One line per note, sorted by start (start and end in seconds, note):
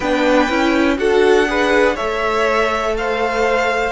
0.00 0.48 B3
0.00 0.49 D4
0.00 0.96 B4
0.00 0.97 G5
0.49 0.98 C#4
0.49 0.97 E4
0.97 1.96 D4
0.97 1.46 F#4
0.97 1.48 A4
0.97 1.96 F#5
1.47 1.96 G#4
1.47 1.95 B4
1.95 3.91 A3
1.95 3.91 A4
1.95 2.93 C#5
1.95 2.94 E5
2.97 3.91 C5
2.97 3.91 F5